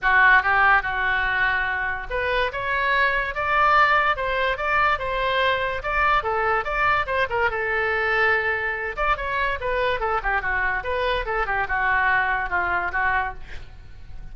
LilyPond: \new Staff \with { instrumentName = "oboe" } { \time 4/4 \tempo 4 = 144 fis'4 g'4 fis'2~ | fis'4 b'4 cis''2 | d''2 c''4 d''4 | c''2 d''4 a'4 |
d''4 c''8 ais'8 a'2~ | a'4. d''8 cis''4 b'4 | a'8 g'8 fis'4 b'4 a'8 g'8 | fis'2 f'4 fis'4 | }